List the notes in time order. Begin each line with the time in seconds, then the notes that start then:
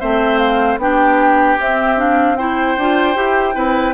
0.00 A3 C4 C5 E5
0.38 F5
0.77 B3 D4 G4 G5
1.59 C4 E5
1.97 D4 F5
2.37 E4 C5 G5
2.77 D4 F4
3.15 E4 G4
3.54 C4 E4 B4